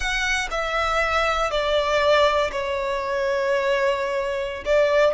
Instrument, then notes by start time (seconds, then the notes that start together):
violin
0.00 F#5
0.50 E5
1.50 D5
2.51 C#5
4.65 D5